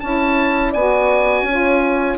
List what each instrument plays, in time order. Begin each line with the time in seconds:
0.00 bassoon C#4, saxophone E4, horn C#5, oboe A5
0.71 bassoon B3, saxophone F#4, horn D5, oboe G#5
1.43 bassoon C#4, horn C#5
1.50 saxophone F4